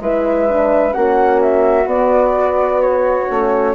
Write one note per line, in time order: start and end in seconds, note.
0.00 0.94 G#3
0.00 0.49 E4
0.00 0.95 B4
0.00 0.93 E5
0.49 0.91 D4
0.91 1.87 A#3
0.91 1.85 C#4
0.91 3.75 F#4
0.91 1.40 F#5
1.42 1.88 E5
1.87 3.27 B3
1.87 3.28 B3
1.87 2.82 D5
2.82 3.75 C#5
3.30 3.75 A3
3.30 3.75 C#4